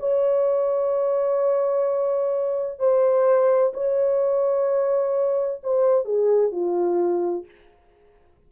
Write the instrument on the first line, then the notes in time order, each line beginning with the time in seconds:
horn
0.00 C#5
2.80 C5
3.74 C#5
5.64 C5
6.06 G#4
6.52 F4